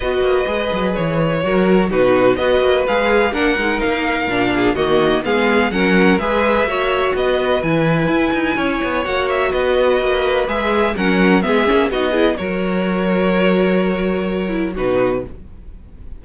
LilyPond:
<<
  \new Staff \with { instrumentName = "violin" } { \time 4/4 \tempo 4 = 126 dis''2 cis''2 | b'4 dis''4 f''4 fis''4 | f''2 dis''4 f''4 | fis''4 e''2 dis''4 |
gis''2. fis''8 e''8 | dis''2 e''4 fis''4 | e''4 dis''4 cis''2~ | cis''2. b'4 | }
  \new Staff \with { instrumentName = "violin" } { \time 4/4 b'2. ais'4 | fis'4 b'2 ais'4~ | ais'4. gis'8 fis'4 gis'4 | ais'4 b'4 cis''4 b'4~ |
b'2 cis''2 | b'2. ais'4 | gis'4 fis'8 gis'8 ais'2~ | ais'2. fis'4 | }
  \new Staff \with { instrumentName = "viola" } { \time 4/4 fis'4 gis'2 fis'4 | dis'4 fis'4 gis'4 d'8 dis'8~ | dis'4 d'4 ais4 b4 | cis'4 gis'4 fis'2 |
e'2. fis'4~ | fis'2 gis'4 cis'4 | b8 cis'8 dis'8 e'8 fis'2~ | fis'2~ fis'8 e'8 dis'4 | }
  \new Staff \with { instrumentName = "cello" } { \time 4/4 b8 ais8 gis8 fis8 e4 fis4 | b,4 b8 ais8 gis4 ais8 gis8 | ais4 ais,4 dis4 gis4 | fis4 gis4 ais4 b4 |
e4 e'8 dis'8 cis'8 b8 ais4 | b4 ais4 gis4 fis4 | gis8 ais8 b4 fis2~ | fis2. b,4 | }
>>